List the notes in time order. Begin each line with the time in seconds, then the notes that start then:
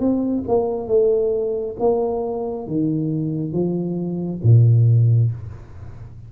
0.00 C4
0.49 A#3
0.88 A3
1.80 A#3
2.68 D#3
3.53 F3
4.44 A#2